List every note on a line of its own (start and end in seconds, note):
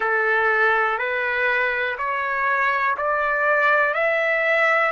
0.00 0.98 A4
0.98 1.96 B4
1.98 2.96 C#5
2.97 3.93 D5
3.93 4.91 E5